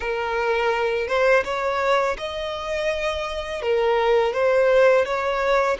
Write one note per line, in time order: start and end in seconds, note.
0.00 1.07 A#4
1.07 1.43 C5
1.44 2.16 C#5
2.17 3.61 D#5
3.61 4.33 A#4
4.33 5.05 C5
5.05 5.77 C#5